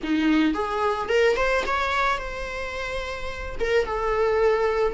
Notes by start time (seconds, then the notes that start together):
0.03 D#4
0.54 G#4
1.09 A#4
1.36 C5
1.66 C#5
2.17 C5
3.59 A#4
3.85 A4